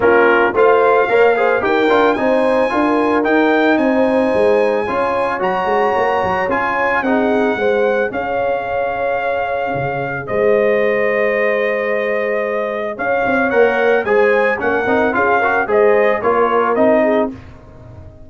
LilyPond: <<
  \new Staff \with { instrumentName = "trumpet" } { \time 4/4 \tempo 4 = 111 ais'4 f''2 g''4 | gis''2 g''4 gis''4~ | gis''2 ais''2 | gis''4 fis''2 f''4~ |
f''2. dis''4~ | dis''1 | f''4 fis''4 gis''4 fis''4 | f''4 dis''4 cis''4 dis''4 | }
  \new Staff \with { instrumentName = "horn" } { \time 4/4 f'4 c''4 cis''8 c''8 ais'4 | c''4 ais'2 c''4~ | c''4 cis''2.~ | cis''4 gis'4 c''4 cis''4~ |
cis''2. c''4~ | c''1 | cis''2 c''4 ais'4 | gis'8 ais'8 c''4 ais'4. gis'8 | }
  \new Staff \with { instrumentName = "trombone" } { \time 4/4 cis'4 f'4 ais'8 gis'8 g'8 f'8 | dis'4 f'4 dis'2~ | dis'4 f'4 fis'2 | f'4 dis'4 gis'2~ |
gis'1~ | gis'1~ | gis'4 ais'4 gis'4 cis'8 dis'8 | f'8 fis'8 gis'4 f'4 dis'4 | }
  \new Staff \with { instrumentName = "tuba" } { \time 4/4 ais4 a4 ais4 dis'8 d'8 | c'4 d'4 dis'4 c'4 | gis4 cis'4 fis8 gis8 ais8 fis8 | cis'4 c'4 gis4 cis'4~ |
cis'2 cis4 gis4~ | gis1 | cis'8 c'8 ais4 gis4 ais8 c'8 | cis'4 gis4 ais4 c'4 | }
>>